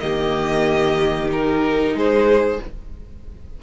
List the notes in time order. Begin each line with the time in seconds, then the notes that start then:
0.00 D#3 A#3 G4 D#5
1.29 D#4 A#4
1.95 G#3 G#4 C5